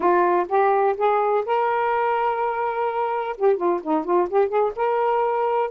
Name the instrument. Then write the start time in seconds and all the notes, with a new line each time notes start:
saxophone
0.00 F4
0.48 G4
0.97 G#4
1.45 A#4
3.37 G4
3.56 F4
3.82 D#4
4.04 F4
4.29 G4
4.48 G#4
4.76 A#4